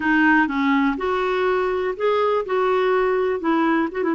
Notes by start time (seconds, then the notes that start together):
0.00 D#4
0.47 C#4
0.97 F#4
1.96 G#4
2.45 F#4
3.39 E4
3.91 F#4
4.03 E4